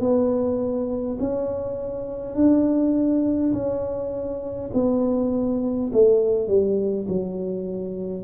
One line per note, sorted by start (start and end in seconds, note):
0.00 1.18 B3
1.20 2.35 C#4
2.35 3.52 D4
3.53 4.71 C#4
4.73 5.91 B3
5.93 6.48 A3
6.48 7.07 G3
7.08 8.24 F#3